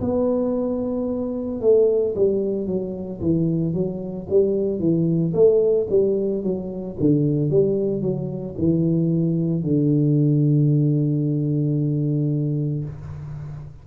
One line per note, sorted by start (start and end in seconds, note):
0.00 1.60 B3
1.60 2.14 A3
2.15 2.66 G3
2.66 3.20 F#3
3.20 3.74 E3
3.74 4.27 F#3
4.30 4.79 G3
4.79 5.33 E3
5.33 5.87 A3
5.89 6.43 G3
6.43 6.96 F#3
6.99 7.50 D3
7.50 8.02 G3
8.02 8.55 F#3
8.58 9.63 E3
9.63 12.84 D3